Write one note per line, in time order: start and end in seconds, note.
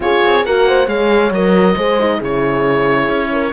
0.00 0.21 C#4
0.00 0.43 F4
0.00 0.46 G#4
0.00 0.45 C#5
0.25 0.47 C4
0.45 0.87 A#3
0.45 0.87 F#4
0.45 0.67 A#4
0.45 0.88 F#5
0.67 0.86 C5
0.86 1.31 G#3
0.86 1.31 G#4
0.86 1.75 C#5
0.86 1.32 F5
1.31 1.75 F#3
1.31 1.77 A#4
1.31 2.22 D#5
1.76 2.20 G#3
1.76 1.99 G#4
1.76 2.17 C5
1.99 2.20 D#4
2.17 3.08 C#3
2.17 3.52 E4
2.17 3.27 G#4
2.23 3.52 C#5
3.08 3.52 C#4
3.32 3.52 A#4